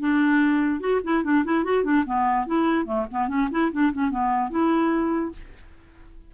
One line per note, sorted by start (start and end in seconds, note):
0.00 0.80 D4
0.80 1.01 F#4
1.04 1.24 E4
1.24 1.44 D4
1.45 1.64 E4
1.64 1.84 F#4
1.84 2.04 D4
2.06 2.46 B3
2.46 2.85 E4
2.85 3.06 A3
3.11 3.28 B3
3.28 3.49 C#4
3.51 3.71 E4
3.72 3.92 D4
3.92 4.10 C#4
4.10 4.50 B3
4.50 5.32 E4